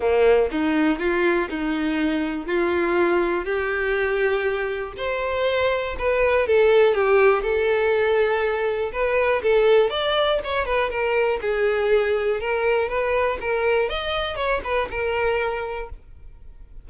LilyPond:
\new Staff \with { instrumentName = "violin" } { \time 4/4 \tempo 4 = 121 ais4 dis'4 f'4 dis'4~ | dis'4 f'2 g'4~ | g'2 c''2 | b'4 a'4 g'4 a'4~ |
a'2 b'4 a'4 | d''4 cis''8 b'8 ais'4 gis'4~ | gis'4 ais'4 b'4 ais'4 | dis''4 cis''8 b'8 ais'2 | }